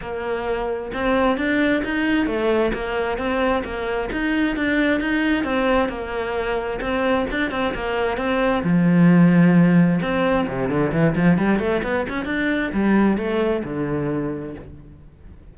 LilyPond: \new Staff \with { instrumentName = "cello" } { \time 4/4 \tempo 4 = 132 ais2 c'4 d'4 | dis'4 a4 ais4 c'4 | ais4 dis'4 d'4 dis'4 | c'4 ais2 c'4 |
d'8 c'8 ais4 c'4 f4~ | f2 c'4 c8 d8 | e8 f8 g8 a8 b8 cis'8 d'4 | g4 a4 d2 | }